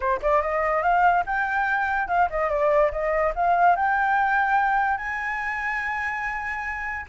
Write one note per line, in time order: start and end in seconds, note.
0.00 0.20 C5
0.21 0.41 D5
0.41 0.82 D#5
0.82 1.24 F5
1.26 2.08 G5
2.08 2.29 F5
2.30 2.49 D#5
2.49 2.91 D5
2.91 3.33 D#5
3.35 3.76 F5
3.76 4.97 G5
4.97 7.06 G#5